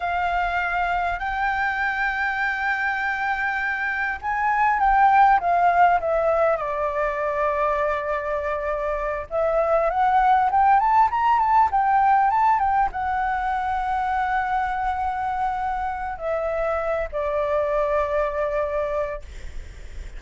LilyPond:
\new Staff \with { instrumentName = "flute" } { \time 4/4 \tempo 4 = 100 f''2 g''2~ | g''2. gis''4 | g''4 f''4 e''4 d''4~ | d''2.~ d''8 e''8~ |
e''8 fis''4 g''8 a''8 ais''8 a''8 g''8~ | g''8 a''8 g''8 fis''2~ fis''8~ | fis''2. e''4~ | e''8 d''2.~ d''8 | }